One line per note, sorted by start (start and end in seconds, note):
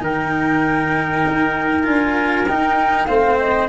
0.00 1.23 D#3
0.00 1.84 D#4
0.00 3.08 A#4
0.00 1.86 G5
1.27 1.87 D#4
1.84 2.49 D4
1.84 2.45 F4
1.84 2.47 G#5
2.48 3.08 D#4
2.48 3.09 D#4
2.48 3.07 G5
3.07 3.69 A3
3.07 3.69 C4
3.07 3.69 C5
3.07 3.37 F5
3.38 3.69 D#5